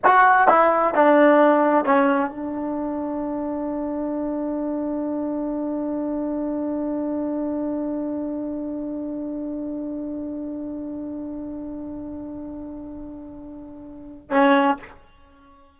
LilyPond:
\new Staff \with { instrumentName = "trombone" } { \time 4/4 \tempo 4 = 130 fis'4 e'4 d'2 | cis'4 d'2.~ | d'1~ | d'1~ |
d'1~ | d'1~ | d'1~ | d'2. cis'4 | }